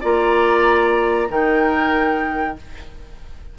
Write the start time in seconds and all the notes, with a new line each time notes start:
0.00 A#3 F4 D5 A#5
1.28 D#3 D#4 A#4 G5